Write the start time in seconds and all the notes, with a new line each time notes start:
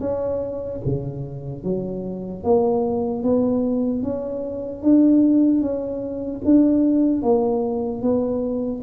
0.00 C#4
0.85 C#3
1.64 F#3
2.44 A#3
3.23 B3
4.03 C#4
4.83 D4
5.61 C#4
6.45 D4
7.23 A#3
8.02 B3